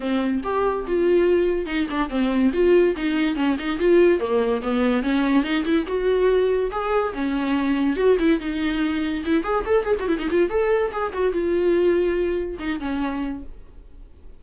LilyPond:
\new Staff \with { instrumentName = "viola" } { \time 4/4 \tempo 4 = 143 c'4 g'4 f'2 | dis'8 d'8 c'4 f'4 dis'4 | cis'8 dis'8 f'4 ais4 b4 | cis'4 dis'8 e'8 fis'2 |
gis'4 cis'2 fis'8 e'8 | dis'2 e'8 gis'8 a'8 gis'16 fis'16 | e'16 dis'16 f'8 a'4 gis'8 fis'8 f'4~ | f'2 dis'8 cis'4. | }